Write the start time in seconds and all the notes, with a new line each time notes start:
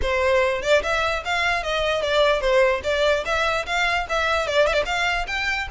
0.02 C5
0.62 D5
0.83 E5
1.24 F5
1.63 D#5
2.02 D5
2.40 C5
2.83 D5
3.25 E5
3.65 F5
4.09 E5
4.47 D5
4.66 E5
4.73 D5
4.85 F5
5.27 G5